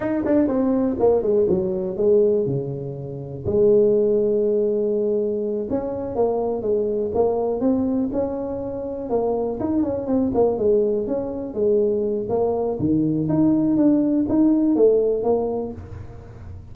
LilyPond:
\new Staff \with { instrumentName = "tuba" } { \time 4/4 \tempo 4 = 122 dis'8 d'8 c'4 ais8 gis8 fis4 | gis4 cis2 gis4~ | gis2.~ gis8 cis'8~ | cis'8 ais4 gis4 ais4 c'8~ |
c'8 cis'2 ais4 dis'8 | cis'8 c'8 ais8 gis4 cis'4 gis8~ | gis4 ais4 dis4 dis'4 | d'4 dis'4 a4 ais4 | }